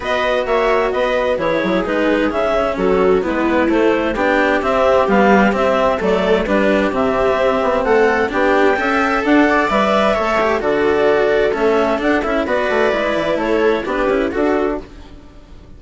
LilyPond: <<
  \new Staff \with { instrumentName = "clarinet" } { \time 4/4 \tempo 4 = 130 dis''4 e''4 dis''4 cis''4 | b'4 e''4 a'4 b'4 | c''4 g''4 e''4 f''4 | e''4 d''4 b'4 e''4~ |
e''4 fis''4 g''2 | fis''4 e''2 d''4~ | d''4 e''4 fis''8 e''8 d''4~ | d''4 cis''4 b'4 a'4 | }
  \new Staff \with { instrumentName = "viola" } { \time 4/4 b'4 cis''4 b'4 gis'4~ | gis'2 fis'4 e'4~ | e'4 g'2.~ | g'4 a'4 g'2~ |
g'4 a'4 g'4 e''4 | d'8 d''4. cis''4 a'4~ | a'2. b'4~ | b'4 a'4 g'4 fis'4 | }
  \new Staff \with { instrumentName = "cello" } { \time 4/4 fis'2. e'4 | dis'4 cis'2 b4 | a4 d'4 c'4 g4 | c'4 a4 d'4 c'4~ |
c'2 d'4 a'4~ | a'4 b'4 a'8 g'8 fis'4~ | fis'4 cis'4 d'8 e'8 fis'4 | e'2 d'8 e'8 fis'4 | }
  \new Staff \with { instrumentName = "bassoon" } { \time 4/4 b4 ais4 b4 e8 fis8 | gis4 cis4 fis4 gis4 | a4 b4 c'4 b4 | c'4 fis4 g4 c4 |
c'8 b8 a4 b4 cis'4 | d'4 g4 a4 d4~ | d4 a4 d'8 cis'8 b8 a8 | gis8 e8 a4 b8 cis'8 d'4 | }
>>